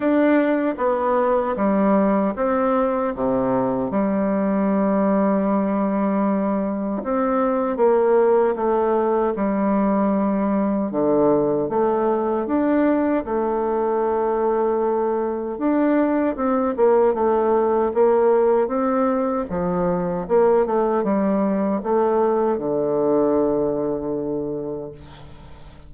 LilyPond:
\new Staff \with { instrumentName = "bassoon" } { \time 4/4 \tempo 4 = 77 d'4 b4 g4 c'4 | c4 g2.~ | g4 c'4 ais4 a4 | g2 d4 a4 |
d'4 a2. | d'4 c'8 ais8 a4 ais4 | c'4 f4 ais8 a8 g4 | a4 d2. | }